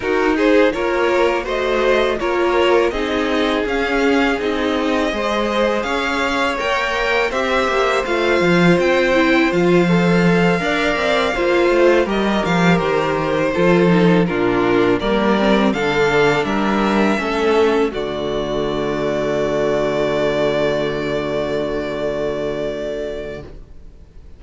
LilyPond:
<<
  \new Staff \with { instrumentName = "violin" } { \time 4/4 \tempo 4 = 82 ais'8 c''8 cis''4 dis''4 cis''4 | dis''4 f''4 dis''2 | f''4 g''4 e''4 f''4 | g''4 f''2.~ |
f''8 dis''8 f''8 c''2 ais'8~ | ais'8 d''4 f''4 e''4.~ | e''8 d''2.~ d''8~ | d''1 | }
  \new Staff \with { instrumentName = "violin" } { \time 4/4 fis'8 gis'8 ais'4 c''4 ais'4 | gis'2. c''4 | cis''2 c''2~ | c''2~ c''8 d''4 c''8~ |
c''8 ais'2 a'4 f'8~ | f'8 ais'4 a'4 ais'4 a'8~ | a'8 fis'2.~ fis'8~ | fis'1 | }
  \new Staff \with { instrumentName = "viola" } { \time 4/4 dis'4 f'4 fis'4 f'4 | dis'4 cis'4 dis'4 gis'4~ | gis'4 ais'4 g'4 f'4~ | f'8 e'8 f'8 a'4 ais'4 f'8~ |
f'8 g'2 f'8 dis'8 d'8~ | d'8 ais8 c'8 d'2 cis'8~ | cis'8 a2.~ a8~ | a1 | }
  \new Staff \with { instrumentName = "cello" } { \time 4/4 dis'4 ais4 a4 ais4 | c'4 cis'4 c'4 gis4 | cis'4 ais4 c'8 ais8 a8 f8 | c'4 f4. d'8 c'8 ais8 |
a8 g8 f8 dis4 f4 ais,8~ | ais,8 g4 d4 g4 a8~ | a8 d2.~ d8~ | d1 | }
>>